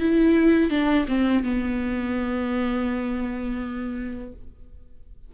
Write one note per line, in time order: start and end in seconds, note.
0.00 0.70 E4
0.70 1.06 D4
1.08 1.44 C4
1.44 4.33 B3